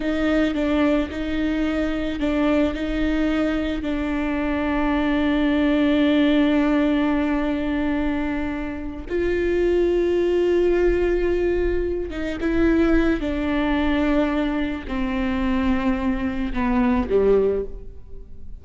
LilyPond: \new Staff \with { instrumentName = "viola" } { \time 4/4 \tempo 4 = 109 dis'4 d'4 dis'2 | d'4 dis'2 d'4~ | d'1~ | d'1~ |
d'8 f'2.~ f'8~ | f'2 dis'8 e'4. | d'2. c'4~ | c'2 b4 g4 | }